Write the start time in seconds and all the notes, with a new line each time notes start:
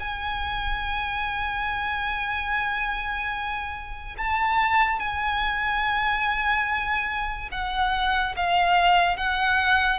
0.00 G#5
4.18 A5
4.99 G#5
7.52 F#5
8.37 F5
9.17 F#5